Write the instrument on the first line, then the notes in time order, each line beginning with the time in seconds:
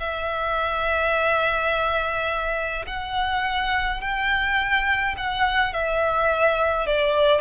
violin
0.00 E5
2.87 F#5
4.01 G5
5.17 F#5
5.74 E5
6.87 D5